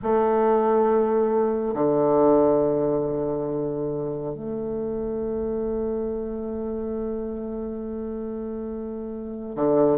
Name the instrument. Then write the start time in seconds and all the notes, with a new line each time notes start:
bassoon
0.02 A3
1.74 D3
4.34 A3
9.56 D3